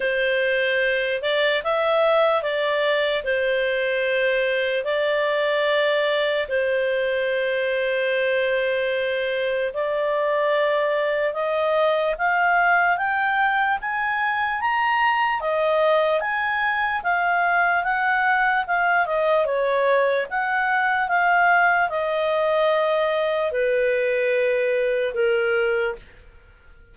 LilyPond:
\new Staff \with { instrumentName = "clarinet" } { \time 4/4 \tempo 4 = 74 c''4. d''8 e''4 d''4 | c''2 d''2 | c''1 | d''2 dis''4 f''4 |
g''4 gis''4 ais''4 dis''4 | gis''4 f''4 fis''4 f''8 dis''8 | cis''4 fis''4 f''4 dis''4~ | dis''4 b'2 ais'4 | }